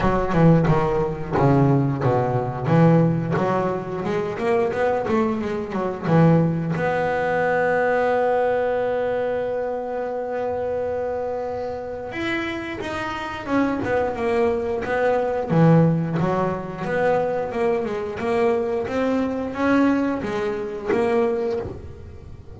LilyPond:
\new Staff \with { instrumentName = "double bass" } { \time 4/4 \tempo 4 = 89 fis8 e8 dis4 cis4 b,4 | e4 fis4 gis8 ais8 b8 a8 | gis8 fis8 e4 b2~ | b1~ |
b2 e'4 dis'4 | cis'8 b8 ais4 b4 e4 | fis4 b4 ais8 gis8 ais4 | c'4 cis'4 gis4 ais4 | }